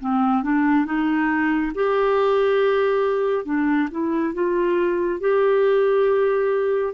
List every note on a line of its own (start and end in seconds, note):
0.00 0.43 C4
0.43 0.85 D4
0.85 1.72 D#4
1.75 3.45 G4
3.45 3.89 D4
3.91 4.34 E4
4.34 5.20 F4
5.20 6.94 G4